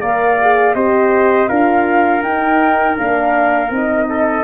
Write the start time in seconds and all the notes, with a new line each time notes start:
0.00 A#3 A#4 D5 F5
0.41 G#4
0.74 C4 G4 C5 D#5
1.48 D4 F4 A#4 F5
2.23 D#4 G5
2.96 A#3 D4 F5
3.70 C4 D#4 D#5
4.10 A4